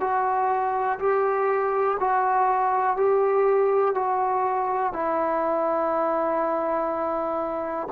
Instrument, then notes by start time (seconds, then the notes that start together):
trombone
0.00 F#4
0.99 G4
1.99 F#4
2.96 G4
3.95 F#4
4.93 E4